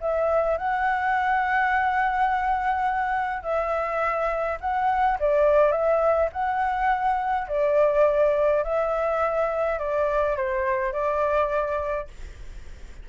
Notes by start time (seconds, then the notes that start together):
0.00 E5
0.57 F#5
3.42 E5
4.60 F#5
5.19 D5
5.71 E5
6.32 F#5
7.48 D5
8.63 E5
9.78 D5
10.36 C5
10.92 D5